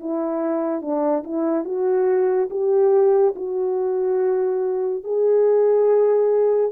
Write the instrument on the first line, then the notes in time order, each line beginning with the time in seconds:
horn
0.00 E4
0.81 D4
1.24 E4
1.65 F#4
2.50 G4
3.36 F#4
5.04 G#4